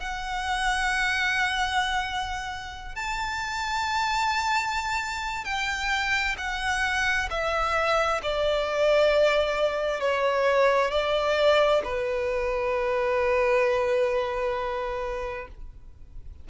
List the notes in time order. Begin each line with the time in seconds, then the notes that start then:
0.00 F#5
2.96 A5
5.45 G5
6.38 F#5
7.30 E5
8.23 D5
10.00 C#5
10.91 D5
11.84 B4